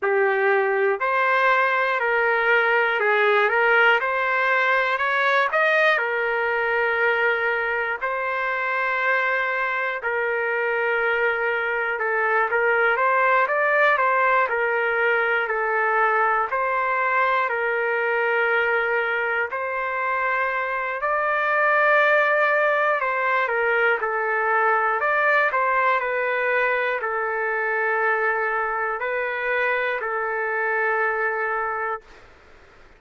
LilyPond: \new Staff \with { instrumentName = "trumpet" } { \time 4/4 \tempo 4 = 60 g'4 c''4 ais'4 gis'8 ais'8 | c''4 cis''8 dis''8 ais'2 | c''2 ais'2 | a'8 ais'8 c''8 d''8 c''8 ais'4 a'8~ |
a'8 c''4 ais'2 c''8~ | c''4 d''2 c''8 ais'8 | a'4 d''8 c''8 b'4 a'4~ | a'4 b'4 a'2 | }